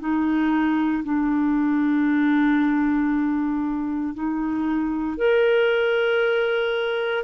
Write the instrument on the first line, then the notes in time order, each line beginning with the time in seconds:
clarinet
0.00 D#4
1.04 D4
4.15 D#4
5.18 A#4